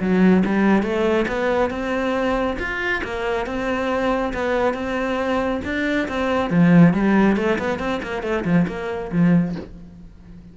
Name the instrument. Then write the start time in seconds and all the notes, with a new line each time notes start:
cello
0.00 F#3
0.45 G3
0.82 A3
1.27 B3
1.70 C4
2.59 F4
3.04 A#3
3.46 C4
4.33 B3
4.74 C4
5.64 D4
6.08 C4
6.50 F3
6.93 G3
7.36 A3
7.58 B3
7.79 C4
8.02 A#3
8.23 A3
8.44 F3
8.67 A#3
9.12 F3